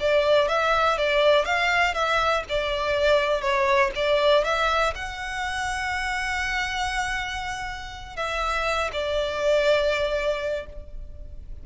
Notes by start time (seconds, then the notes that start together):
0.00 D5
0.48 E5
0.98 D5
1.45 F5
1.94 E5
2.49 D5
3.41 C#5
3.96 D5
4.44 E5
4.95 F#5
8.16 E5
8.93 D5